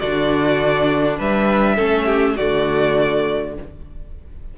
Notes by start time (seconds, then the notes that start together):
0.00 D3 D4 F#4 D5
1.19 G3 B4 E5
1.76 A3 C#4 A4
2.06 G4
2.36 D3 A3 F#4 D5